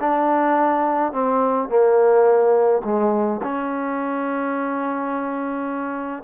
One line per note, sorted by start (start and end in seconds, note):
0.00 1.12 D4
1.12 1.69 C4
1.69 2.82 A#3
2.84 3.41 G#3
3.43 6.23 C#4